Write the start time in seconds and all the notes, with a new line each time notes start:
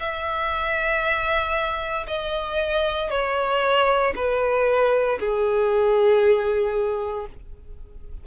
0.00 E5
2.08 D#5
3.11 C#5
4.16 B4
5.20 G#4